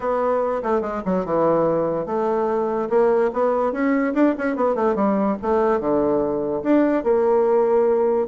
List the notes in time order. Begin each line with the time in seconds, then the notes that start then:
0.00 B3
0.62 A3
0.81 G#3
1.05 F#3
1.25 E3
2.06 A3
2.89 A#3
3.33 B3
3.72 C#4
4.14 D4
4.37 C#4
4.55 B3
4.75 A3
4.95 G3
5.42 A3
5.80 D3
6.63 D4
7.03 A#3